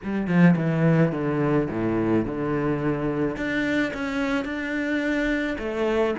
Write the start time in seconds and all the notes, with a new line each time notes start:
0.03 G3
0.27 F3
0.56 E3
1.12 D3
1.70 A2
2.25 D3
3.36 D4
3.93 C#4
4.44 D4
5.58 A3